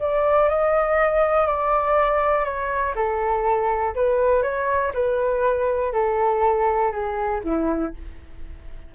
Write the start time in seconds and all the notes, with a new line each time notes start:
0.00 D5
0.50 D#5
1.47 D5
2.45 C#5
2.96 A4
3.95 B4
4.43 C#5
4.94 B4
5.93 A4
6.92 G#4
7.44 E4